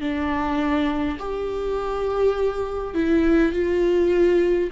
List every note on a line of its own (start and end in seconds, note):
0.00 1.18 D4
1.19 2.94 G4
2.94 3.52 E4
3.52 4.70 F4